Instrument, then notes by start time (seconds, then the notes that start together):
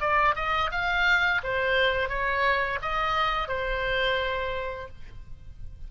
oboe
0.00 D5
0.36 D#5
0.71 F5
1.43 C5
2.09 C#5
2.82 D#5
3.48 C5